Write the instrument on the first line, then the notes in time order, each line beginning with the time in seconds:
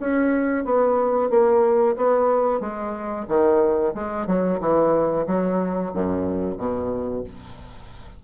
bassoon
0.00 C#4
0.64 B3
1.30 A#3
1.96 B3
2.60 G#3
3.28 D#3
3.94 G#3
4.26 F#3
4.60 E3
5.26 F#3
5.93 F#2
6.57 B2